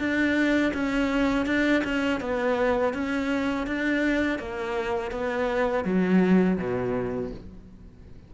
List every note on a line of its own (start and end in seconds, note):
0.00 0.73 D4
0.74 1.47 C#4
1.47 1.83 D4
1.85 2.21 C#4
2.21 2.94 B3
2.94 3.67 C#4
3.67 4.39 D4
4.39 5.12 A#3
5.12 5.85 B3
5.85 6.58 F#3
6.58 7.31 B2